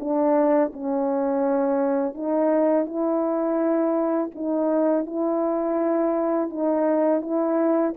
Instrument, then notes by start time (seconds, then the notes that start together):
horn
0.00 D4
0.74 C#4
2.15 D#4
2.86 E4
4.35 D#4
5.06 E4
6.50 D#4
7.22 E4